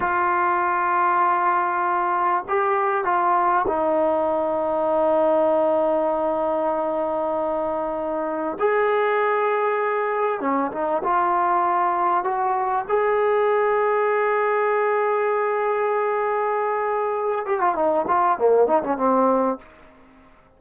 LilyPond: \new Staff \with { instrumentName = "trombone" } { \time 4/4 \tempo 4 = 98 f'1 | g'4 f'4 dis'2~ | dis'1~ | dis'2 gis'2~ |
gis'4 cis'8 dis'8 f'2 | fis'4 gis'2.~ | gis'1~ | gis'8 g'16 f'16 dis'8 f'8 ais8 dis'16 cis'16 c'4 | }